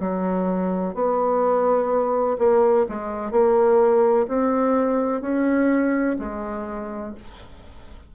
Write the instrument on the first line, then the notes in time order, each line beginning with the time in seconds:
bassoon
0.00 F#3
0.95 B3
2.39 A#3
2.89 G#3
3.32 A#3
4.29 C4
5.21 C#4
6.19 G#3